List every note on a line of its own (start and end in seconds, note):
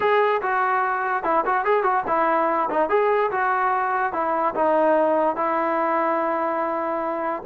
0.00 0.41 G#4
0.42 1.23 F#4
1.23 1.44 E4
1.45 1.64 F#4
1.64 1.83 G#4
1.83 2.03 F#4
2.07 2.69 E4
2.70 2.89 D#4
2.89 3.30 G#4
3.31 4.12 F#4
4.12 4.54 E4
4.55 5.35 D#4
5.35 7.42 E4